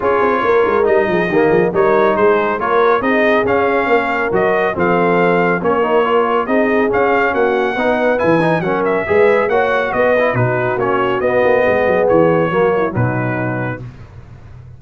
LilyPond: <<
  \new Staff \with { instrumentName = "trumpet" } { \time 4/4 \tempo 4 = 139 cis''2 dis''2 | cis''4 c''4 cis''4 dis''4 | f''2 dis''4 f''4~ | f''4 cis''2 dis''4 |
f''4 fis''2 gis''4 | fis''8 e''4. fis''4 dis''4 | b'4 cis''4 dis''2 | cis''2 b'2 | }
  \new Staff \with { instrumentName = "horn" } { \time 4/4 gis'4 ais'4. gis'8 g'8 gis'8 | ais'4 gis'4 ais'4 gis'4~ | gis'4 ais'2 a'4~ | a'4 ais'2 gis'4~ |
gis'4 fis'4 b'2 | ais'4 b'4 cis''4 b'4 | fis'2. gis'4~ | gis'4 fis'8 e'8 dis'2 | }
  \new Staff \with { instrumentName = "trombone" } { \time 4/4 f'2 dis'4 ais4 | dis'2 f'4 dis'4 | cis'2 fis'4 c'4~ | c'4 cis'8 dis'8 f'4 dis'4 |
cis'2 dis'4 e'8 dis'8 | cis'4 gis'4 fis'4. e'8 | dis'4 cis'4 b2~ | b4 ais4 fis2 | }
  \new Staff \with { instrumentName = "tuba" } { \time 4/4 cis'8 c'8 ais8 gis8 g8 f8 dis8 f8 | g4 gis4 ais4 c'4 | cis'4 ais4 fis4 f4~ | f4 ais2 c'4 |
cis'4 ais4 b4 e4 | fis4 gis4 ais4 b4 | b,4 ais4 b8 ais8 gis8 fis8 | e4 fis4 b,2 | }
>>